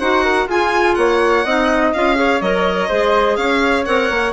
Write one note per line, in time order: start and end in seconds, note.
0.00 0.47 D#4
0.00 0.49 F#4
0.00 0.24 C5
0.00 0.48 F#5
0.24 0.48 A#4
0.47 0.95 F4
0.47 1.46 F4
0.47 0.97 G#4
0.47 0.95 G#5
0.95 1.45 A#3
0.95 1.45 C#5
0.95 1.91 F#5
1.45 1.93 C4
1.45 1.95 D#4
1.45 2.17 D#5
1.94 2.41 C#4
1.94 2.16 F4
1.94 2.42 F5
2.16 2.40 G#4
2.16 2.89 C#5
2.41 2.89 F#3
2.41 2.90 A#4
2.41 3.37 D#5
2.89 3.38 G#3
2.89 3.85 G#4
2.89 3.37 C5
3.37 3.86 C#4
3.37 4.33 C#5
3.37 3.85 F5
3.85 4.11 C4
3.85 4.33 A#4
3.85 4.33 F#5
4.11 4.33 A#3